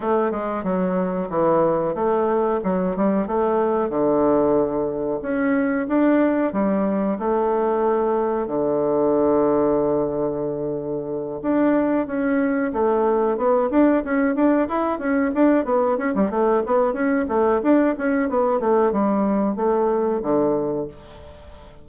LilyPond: \new Staff \with { instrumentName = "bassoon" } { \time 4/4 \tempo 4 = 92 a8 gis8 fis4 e4 a4 | fis8 g8 a4 d2 | cis'4 d'4 g4 a4~ | a4 d2.~ |
d4. d'4 cis'4 a8~ | a8 b8 d'8 cis'8 d'8 e'8 cis'8 d'8 | b8 cis'16 g16 a8 b8 cis'8 a8 d'8 cis'8 | b8 a8 g4 a4 d4 | }